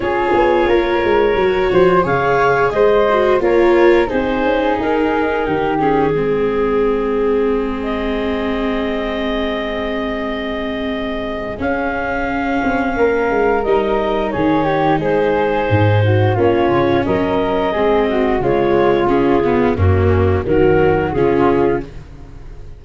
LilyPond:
<<
  \new Staff \with { instrumentName = "clarinet" } { \time 4/4 \tempo 4 = 88 cis''2. f''4 | dis''4 cis''4 c''4 ais'4~ | ais'8 gis'2. dis''8~ | dis''1~ |
dis''4 f''2. | dis''4 cis''4 c''2 | cis''4 dis''2 cis''4 | gis'4 fis'4 ais'4 gis'4 | }
  \new Staff \with { instrumentName = "flute" } { \time 4/4 gis'4 ais'4. c''8 cis''4 | c''4 ais'4 gis'2 | g'4 gis'2.~ | gis'1~ |
gis'2. ais'4~ | ais'4 gis'8 g'8 gis'4. fis'8 | f'4 ais'4 gis'8 fis'8 f'4~ | f'4 cis'4 fis'4 f'4 | }
  \new Staff \with { instrumentName = "viola" } { \time 4/4 f'2 fis'4 gis'4~ | gis'8 fis'8 f'4 dis'2~ | dis'8 cis'8 c'2.~ | c'1~ |
c'4 cis'2. | dis'1 | cis'2 c'4 gis4 | cis'8 b8 ais4 fis4 cis'4 | }
  \new Staff \with { instrumentName = "tuba" } { \time 4/4 cis'8 b8 ais8 gis8 fis8 f8 cis4 | gis4 ais4 c'8 cis'8 dis'4 | dis4 gis2.~ | gis1~ |
gis4 cis'4. c'8 ais8 gis8 | g4 dis4 gis4 gis,4 | ais8 cis8 fis4 gis4 cis4~ | cis4 fis,4 dis4 cis4 | }
>>